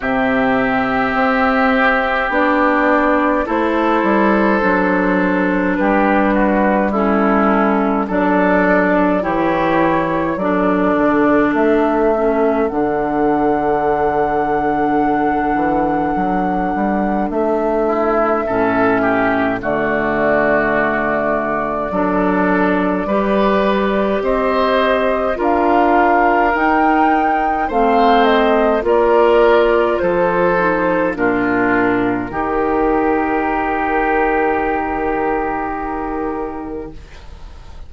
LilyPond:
<<
  \new Staff \with { instrumentName = "flute" } { \time 4/4 \tempo 4 = 52 e''2 d''4 c''4~ | c''4 b'4 a'4 d''4 | cis''4 d''4 e''4 fis''4~ | fis''2. e''4~ |
e''4 d''2.~ | d''4 dis''4 f''4 g''4 | f''8 dis''8 d''4 c''4 ais'4~ | ais'1 | }
  \new Staff \with { instrumentName = "oboe" } { \time 4/4 g'2. a'4~ | a'4 g'8 fis'8 e'4 a'4 | g'4 a'2.~ | a'2.~ a'8 e'8 |
a'8 g'8 fis'2 a'4 | b'4 c''4 ais'2 | c''4 ais'4 a'4 f'4 | g'1 | }
  \new Staff \with { instrumentName = "clarinet" } { \time 4/4 c'2 d'4 e'4 | d'2 cis'4 d'4 | e'4 d'4. cis'8 d'4~ | d'1 |
cis'4 a2 d'4 | g'2 f'4 dis'4 | c'4 f'4. dis'8 d'4 | dis'1 | }
  \new Staff \with { instrumentName = "bassoon" } { \time 4/4 c4 c'4 b4 a8 g8 | fis4 g2 fis4 | e4 fis8 d8 a4 d4~ | d4. e8 fis8 g8 a4 |
a,4 d2 fis4 | g4 c'4 d'4 dis'4 | a4 ais4 f4 ais,4 | dis1 | }
>>